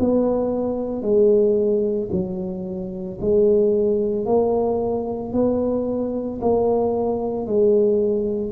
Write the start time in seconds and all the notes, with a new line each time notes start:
0.00 B3
1.02 G#3
2.12 F#3
3.21 G#3
4.26 A#3
5.33 B3
6.41 A#3
7.47 G#3